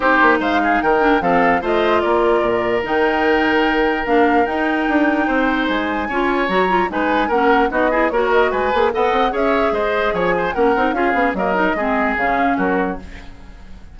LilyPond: <<
  \new Staff \with { instrumentName = "flute" } { \time 4/4 \tempo 4 = 148 c''4 f''4 g''4 f''4 | dis''4 d''2 g''4~ | g''2 f''4 g''4~ | g''2 gis''2 |
ais''4 gis''4 fis''4 dis''4 | cis''8 dis''8 gis''4 fis''4 e''4 | dis''4 gis''4 fis''4 f''4 | dis''2 f''4 ais'4 | }
  \new Staff \with { instrumentName = "oboe" } { \time 4/4 g'4 c''8 gis'8 ais'4 a'4 | c''4 ais'2.~ | ais'1~ | ais'4 c''2 cis''4~ |
cis''4 b'4 ais'4 fis'8 gis'8 | ais'4 b'4 dis''4 cis''4 | c''4 cis''8 c''8 ais'4 gis'4 | ais'4 gis'2 fis'4 | }
  \new Staff \with { instrumentName = "clarinet" } { \time 4/4 dis'2~ dis'8 d'8 c'4 | f'2. dis'4~ | dis'2 d'4 dis'4~ | dis'2. f'4 |
fis'8 f'8 dis'4 cis'4 dis'8 e'8 | fis'4. gis'8 a'4 gis'4~ | gis'2 cis'8 dis'8 f'8 cis'8 | ais8 dis'8 c'4 cis'2 | }
  \new Staff \with { instrumentName = "bassoon" } { \time 4/4 c'8 ais8 gis4 dis4 f4 | a4 ais4 ais,4 dis4~ | dis2 ais4 dis'4 | d'4 c'4 gis4 cis'4 |
fis4 gis4 ais4 b4 | ais4 gis8 ais8 b8 c'8 cis'4 | gis4 f4 ais8 c'8 cis'8 b8 | fis4 gis4 cis4 fis4 | }
>>